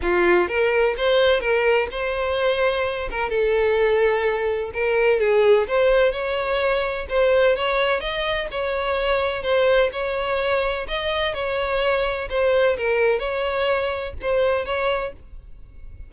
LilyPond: \new Staff \with { instrumentName = "violin" } { \time 4/4 \tempo 4 = 127 f'4 ais'4 c''4 ais'4 | c''2~ c''8 ais'8 a'4~ | a'2 ais'4 gis'4 | c''4 cis''2 c''4 |
cis''4 dis''4 cis''2 | c''4 cis''2 dis''4 | cis''2 c''4 ais'4 | cis''2 c''4 cis''4 | }